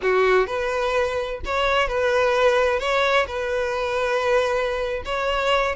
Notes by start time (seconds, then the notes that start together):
0.01 F#4
0.46 B4
1.45 C#5
1.87 B4
2.79 C#5
3.27 B4
5.05 C#5